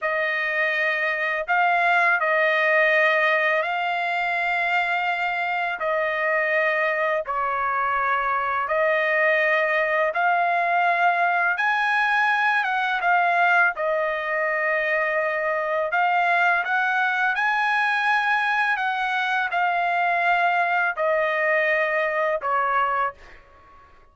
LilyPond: \new Staff \with { instrumentName = "trumpet" } { \time 4/4 \tempo 4 = 83 dis''2 f''4 dis''4~ | dis''4 f''2. | dis''2 cis''2 | dis''2 f''2 |
gis''4. fis''8 f''4 dis''4~ | dis''2 f''4 fis''4 | gis''2 fis''4 f''4~ | f''4 dis''2 cis''4 | }